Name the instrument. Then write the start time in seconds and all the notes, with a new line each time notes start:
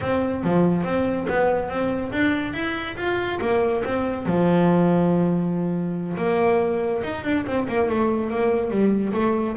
double bass
0.01 C4
0.43 F3
0.84 C4
1.29 B3
1.69 C4
2.12 D4
2.53 E4
2.96 F4
3.40 A#3
3.84 C4
4.25 F3
6.17 A#3
7.03 D#4
7.23 D4
7.46 C4
7.68 A#3
7.89 A3
8.30 A#3
8.70 G3
9.13 A3